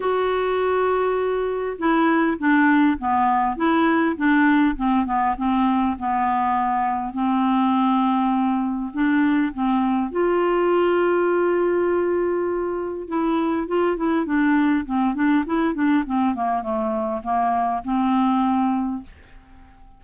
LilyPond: \new Staff \with { instrumentName = "clarinet" } { \time 4/4 \tempo 4 = 101 fis'2. e'4 | d'4 b4 e'4 d'4 | c'8 b8 c'4 b2 | c'2. d'4 |
c'4 f'2.~ | f'2 e'4 f'8 e'8 | d'4 c'8 d'8 e'8 d'8 c'8 ais8 | a4 ais4 c'2 | }